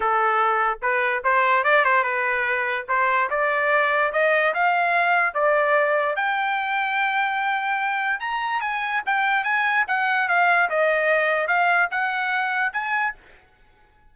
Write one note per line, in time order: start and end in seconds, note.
0.00 0.79 A4
0.82 1.23 B4
1.23 1.64 C5
1.64 1.84 D5
1.85 2.03 C5
2.03 2.86 B4
2.88 3.29 C5
3.30 4.12 D5
4.12 4.53 D#5
4.54 5.34 F5
5.34 6.16 D5
6.16 8.19 G5
8.19 8.61 A#5
8.61 9.02 G#5
9.05 9.44 G5
9.44 9.85 G#5
9.87 10.28 F#5
10.28 10.69 F5
10.69 11.47 D#5
11.47 11.88 F5
11.90 12.72 F#5
12.72 13.14 G#5